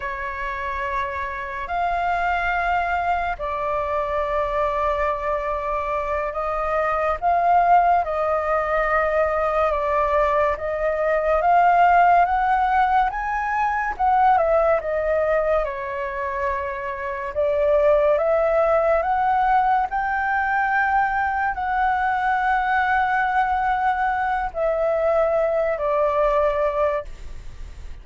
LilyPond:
\new Staff \with { instrumentName = "flute" } { \time 4/4 \tempo 4 = 71 cis''2 f''2 | d''2.~ d''8 dis''8~ | dis''8 f''4 dis''2 d''8~ | d''8 dis''4 f''4 fis''4 gis''8~ |
gis''8 fis''8 e''8 dis''4 cis''4.~ | cis''8 d''4 e''4 fis''4 g''8~ | g''4. fis''2~ fis''8~ | fis''4 e''4. d''4. | }